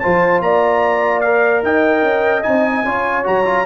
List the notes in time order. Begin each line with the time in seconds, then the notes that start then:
0.00 F3 F4 C5 A5
0.41 A#3 D5 A#5
1.21 A#4 F5
1.63 D#4 D#5 G5
2.03 C#4
2.43 C4 D#4 G#5
2.85 C#4 F4 C#5
3.24 F#3 F#4 A#5
3.45 F4